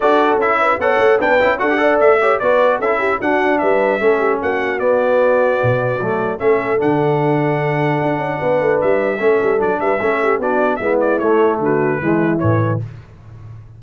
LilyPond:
<<
  \new Staff \with { instrumentName = "trumpet" } { \time 4/4 \tempo 4 = 150 d''4 e''4 fis''4 g''4 | fis''4 e''4 d''4 e''4 | fis''4 e''2 fis''4 | d''1 |
e''4 fis''2.~ | fis''2 e''2 | d''8 e''4. d''4 e''8 d''8 | cis''4 b'2 cis''4 | }
  \new Staff \with { instrumentName = "horn" } { \time 4/4 a'4. b'8 cis''4 b'4 | a'8 d''4 cis''8 b'4 a'8 g'8 | fis'4 b'4 a'8 g'8 fis'4~ | fis'1 |
a'1~ | a'4 b'2 a'4~ | a'8 b'8 a'8 g'8 fis'4 e'4~ | e'4 fis'4 e'2 | }
  \new Staff \with { instrumentName = "trombone" } { \time 4/4 fis'4 e'4 a'4 d'8 e'8 | fis'16 g'16 a'4 g'8 fis'4 e'4 | d'2 cis'2 | b2. a4 |
cis'4 d'2.~ | d'2. cis'4 | d'4 cis'4 d'4 b4 | a2 gis4 e4 | }
  \new Staff \with { instrumentName = "tuba" } { \time 4/4 d'4 cis'4 b8 a8 b8 cis'8 | d'4 a4 b4 cis'4 | d'4 g4 a4 ais4 | b2 b,4 fis4 |
a4 d2. | d'8 cis'8 b8 a8 g4 a8 g8 | fis8 g8 a4 b4 gis4 | a4 d4 e4 a,4 | }
>>